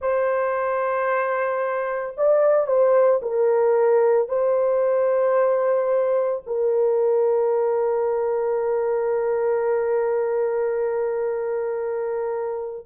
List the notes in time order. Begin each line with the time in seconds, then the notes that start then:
0.00 C5
2.17 D5
2.66 C5
3.21 A#4
4.28 C5
6.46 A#4